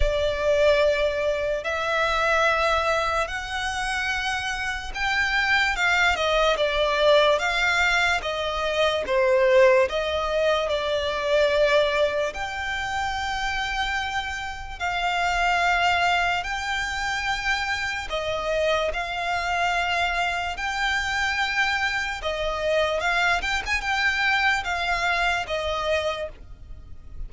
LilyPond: \new Staff \with { instrumentName = "violin" } { \time 4/4 \tempo 4 = 73 d''2 e''2 | fis''2 g''4 f''8 dis''8 | d''4 f''4 dis''4 c''4 | dis''4 d''2 g''4~ |
g''2 f''2 | g''2 dis''4 f''4~ | f''4 g''2 dis''4 | f''8 g''16 gis''16 g''4 f''4 dis''4 | }